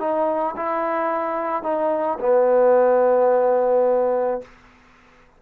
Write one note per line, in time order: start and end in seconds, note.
0.00 0.56 D#4
0.57 1.63 E4
1.63 2.19 D#4
2.20 4.42 B3